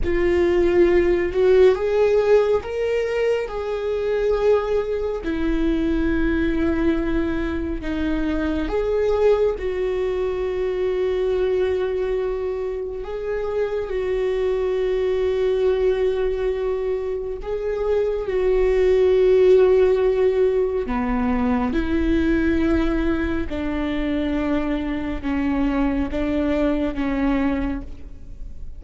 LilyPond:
\new Staff \with { instrumentName = "viola" } { \time 4/4 \tempo 4 = 69 f'4. fis'8 gis'4 ais'4 | gis'2 e'2~ | e'4 dis'4 gis'4 fis'4~ | fis'2. gis'4 |
fis'1 | gis'4 fis'2. | b4 e'2 d'4~ | d'4 cis'4 d'4 cis'4 | }